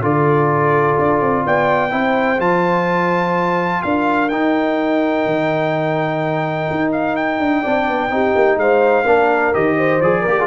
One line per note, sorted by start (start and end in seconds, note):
0.00 0.95 D3
0.00 1.90 F4
0.00 1.45 A4
0.00 1.46 D5
0.99 1.21 D4
1.21 1.45 C4
1.45 1.92 B3
1.45 1.92 D5
1.45 2.40 G5
1.90 2.39 C4
1.90 2.38 E4
1.90 3.83 C5
2.39 3.82 F3
2.39 4.29 F4
2.39 3.82 A5
3.82 4.31 D4
3.82 7.61 A#4
3.82 4.29 F5
4.29 5.25 D#4
4.29 7.65 D#4
4.29 6.91 G5
5.25 6.68 D#3
6.71 7.39 D#4
6.92 7.16 F5
7.16 8.59 G5
7.39 7.63 D4
7.61 7.88 C4
7.61 8.10 D4
7.61 8.09 D5
7.88 8.10 B3
8.10 8.34 C4
8.10 9.05 D#4
8.10 8.60 G4
8.35 8.57 A#3
8.57 9.05 G#3
8.57 9.05 C5
8.57 9.54 F5
9.05 9.54 A#3
9.05 9.54 D4
9.05 9.76 A#4
9.54 10.01 D#3
9.54 10.01 G4
9.54 10.01 D#5
9.77 10.21 C5
10.01 10.25 F3
10.01 10.27 G#4
10.01 10.47 D5
10.21 10.47 A#3
10.21 10.33 A#4
10.29 10.40 G4
10.37 10.47 F4
10.37 10.47 G#4